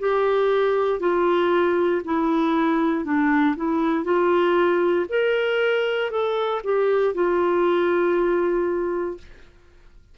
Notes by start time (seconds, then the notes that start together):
0.00 G4
1.00 F4
2.05 E4
3.05 D4
3.57 E4
4.05 F4
5.09 A#4
6.11 A4
6.64 G4
7.15 F4